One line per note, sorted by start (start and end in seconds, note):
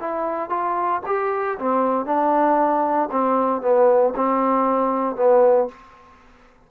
0.00 0.50 E4
0.50 1.01 F4
1.06 1.58 G4
1.59 2.06 C4
2.06 3.09 D4
3.11 3.62 C4
3.62 4.14 B3
4.16 5.16 C4
5.16 5.68 B3